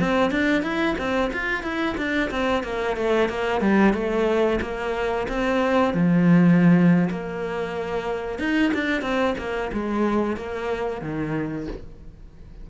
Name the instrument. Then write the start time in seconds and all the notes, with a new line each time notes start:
cello
0.00 C4
0.31 D4
0.63 E4
0.98 C4
1.33 F4
1.63 E4
1.98 D4
2.30 C4
2.64 A#3
2.97 A3
3.29 A#3
3.61 G3
3.94 A3
4.62 A#3
5.28 C4
5.94 F3
7.10 A#3
8.39 D#4
8.74 D4
9.02 C4
9.38 A#3
9.73 G#3
10.37 A#3
11.02 D#3